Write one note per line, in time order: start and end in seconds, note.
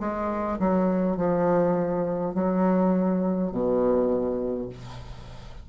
0.00 0.59 G#3
0.59 1.17 F#3
1.17 2.35 F3
2.35 3.52 F#3
3.52 4.70 B2